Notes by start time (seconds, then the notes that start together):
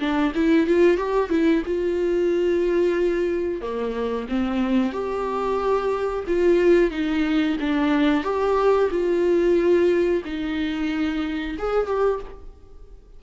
0.00 D4
0.35 E4
0.67 F4
0.97 G4
1.30 E4
1.66 F4
3.62 A#3
4.29 C4
4.93 G4
6.28 F4
6.91 D#4
7.60 D4
8.24 G4
8.91 F4
10.25 D#4
11.59 G#4
11.87 G4